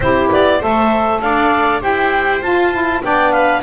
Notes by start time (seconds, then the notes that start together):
0.00 C4 E4 G4 C5
0.32 B3 D5
0.58 A3 A4 C5 E5
1.20 D4 D5 F5
1.80 E4 G4 C5 G5
2.41 F4 A5
2.72 E4
3.03 B3 D4 D5 G5
3.31 B4 F5